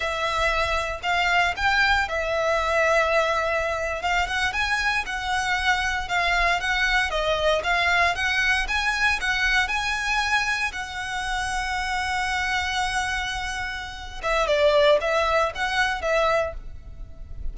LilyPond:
\new Staff \with { instrumentName = "violin" } { \time 4/4 \tempo 4 = 116 e''2 f''4 g''4 | e''2.~ e''8. f''16~ | f''16 fis''8 gis''4 fis''2 f''16~ | f''8. fis''4 dis''4 f''4 fis''16~ |
fis''8. gis''4 fis''4 gis''4~ gis''16~ | gis''8. fis''2.~ fis''16~ | fis''2.~ fis''8 e''8 | d''4 e''4 fis''4 e''4 | }